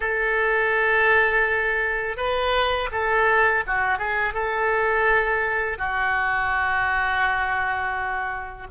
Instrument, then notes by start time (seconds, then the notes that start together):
oboe
0.00 A4
2.17 B4
2.91 A4
3.66 F#4
3.98 G#4
4.33 A4
5.78 F#4